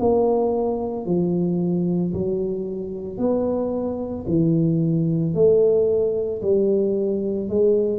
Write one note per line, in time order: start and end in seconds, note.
0.00 1.06 A#3
1.06 2.13 F3
2.14 3.19 F#3
3.19 4.26 B3
4.28 5.35 E3
5.35 6.42 A3
6.42 7.50 G3
7.50 8.00 G#3